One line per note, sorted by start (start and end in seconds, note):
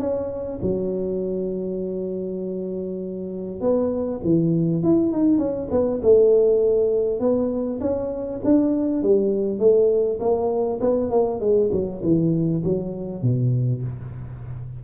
0.00 0.60 C#4
0.62 3.61 F#3
3.61 4.21 B3
4.24 4.83 E3
4.83 5.13 E4
5.13 5.39 D#4
5.39 5.69 C#4
5.72 6.02 B3
6.02 7.20 A3
7.20 7.80 B3
7.81 8.41 C#4
8.45 9.03 D4
9.03 9.59 G3
9.59 10.19 A3
10.20 10.80 A#3
10.81 11.11 B3
11.11 11.41 A#3
11.41 11.71 G#3
11.72 12.02 F#3
12.04 12.64 E3
12.64 13.23 F#3
13.23 13.83 B2